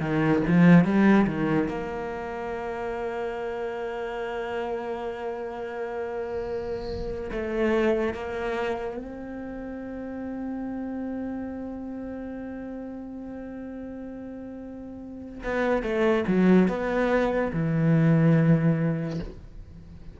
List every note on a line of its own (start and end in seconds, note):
0.00 0.42 D#3
0.47 0.84 F3
0.84 1.26 G3
1.27 1.68 D#3
1.68 7.30 A#3
7.31 8.14 A3
8.14 8.96 A#3
8.96 15.42 C4
15.43 15.82 B3
15.82 16.24 A3
16.27 16.68 F#3
16.68 17.51 B3
17.53 19.19 E3